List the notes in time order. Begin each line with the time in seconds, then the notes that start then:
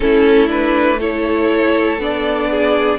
0.00 A3 C#4 E4 A4
0.47 D4 B4
0.99 E4 A4 C#5
1.98 B3 D4 D5
2.50 G#4